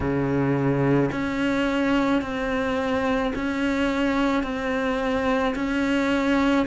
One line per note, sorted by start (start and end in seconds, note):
0.00 1.10 C#3
1.11 2.21 C#4
2.21 3.32 C4
3.35 4.43 C#4
4.43 5.54 C4
5.55 6.66 C#4